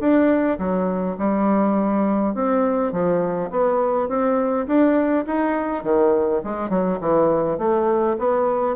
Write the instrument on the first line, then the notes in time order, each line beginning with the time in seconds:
bassoon
0.00 D4
0.58 F#3
1.18 G3
2.34 C4
2.92 F3
3.51 B3
4.08 C4
4.67 D4
5.26 D#4
5.83 D#3
6.43 G#3
6.69 F#3
7.01 E3
7.58 A3
8.18 B3